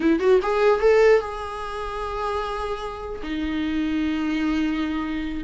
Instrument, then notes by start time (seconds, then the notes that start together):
viola
0.00 E4
0.19 F#4
0.42 G#4
0.80 A4
1.20 G#4
3.22 D#4